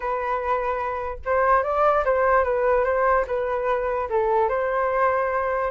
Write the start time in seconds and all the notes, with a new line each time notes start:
0.00 B4
1.25 C5
1.63 D5
2.04 C5
2.44 B4
2.84 C5
3.27 B4
4.09 A4
4.49 C5